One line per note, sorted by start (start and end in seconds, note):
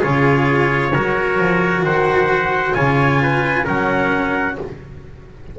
0.00 0.95 C#3
0.00 0.92 F4
0.00 0.91 G#4
0.00 1.85 C#5
0.94 1.39 F#3
0.94 2.74 F#4
0.94 1.85 A#4
1.39 1.84 F3
1.84 2.75 D#3
1.84 2.76 C5
1.84 2.75 F#5
2.74 3.67 C#3
2.74 3.65 F4
2.74 3.21 C#5
2.74 3.66 G#5
3.23 3.65 B4
3.65 4.59 F#3
3.65 4.58 C#4
3.65 4.56 A#4
3.65 4.59 F#5